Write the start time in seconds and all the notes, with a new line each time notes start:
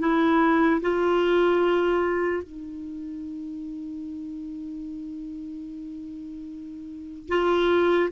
0.00 E4
0.81 F4
2.44 D#4
7.29 F4